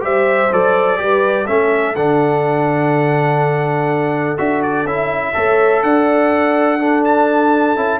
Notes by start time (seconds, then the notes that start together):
0.00 G3 G4 C5 E5
0.52 F#3 A4 D5
0.97 G3 G4 B4
1.46 A3 C#4 A4 E5
1.95 D3 D4 F#5
4.37 D4 F#4 E5
4.62 D5
4.84 C#4 E4 E5
5.33 A3 A4 C#5
5.83 D4 D5 F#5
6.79 D4 A4
7.04 A5
7.76 C#4 E4